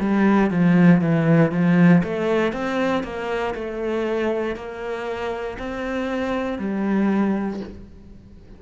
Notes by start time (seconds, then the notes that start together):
0.00 G3
0.51 F3
1.01 E3
1.52 F3
2.03 A3
2.53 C4
3.04 A#3
3.55 A3
4.56 A#3
5.58 C4
6.59 G3